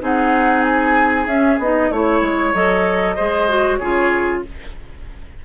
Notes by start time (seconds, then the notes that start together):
0.00 C4 D#4 G#4 F#5
0.62 G#5
1.26 C#4 E5
1.58 B3 D#4 D#5
1.90 A3 E4 C#5
2.21 G#3
2.54 F#3 A4 D#5
3.15 G#3 G#4 C5
3.48 F#4
3.76 C#3 F4 G#4 C#5